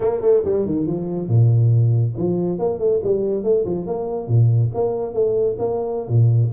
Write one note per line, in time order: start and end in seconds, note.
0.00 0.21 A#3
0.21 0.42 A3
0.44 0.65 G3
0.65 0.86 D#3
0.86 1.28 F3
1.28 2.13 A#2
2.17 2.58 F3
2.58 2.79 A#3
2.79 3.00 A3
3.03 3.43 G3
3.43 3.64 A3
3.65 3.86 F3
3.86 4.27 A#3
4.27 4.70 A#2
4.74 5.13 A#3
5.13 5.56 A3
5.58 6.08 A#3
6.08 6.51 A#2